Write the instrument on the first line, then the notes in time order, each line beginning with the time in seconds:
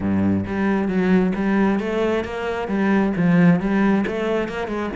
cello
0.00 G2
0.46 G3
0.88 F#3
1.35 G3
1.79 A3
2.24 A#3
2.67 G3
3.16 F3
3.59 G3
4.06 A3
4.48 A#3
4.67 G#3